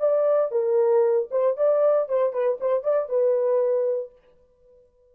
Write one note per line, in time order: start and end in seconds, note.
0.00 0.51 D5
0.51 1.29 A#4
1.31 1.57 C5
1.57 2.09 D5
2.09 2.33 C5
2.33 2.59 B4
2.61 2.83 C5
2.83 3.09 D5
3.09 4.12 B4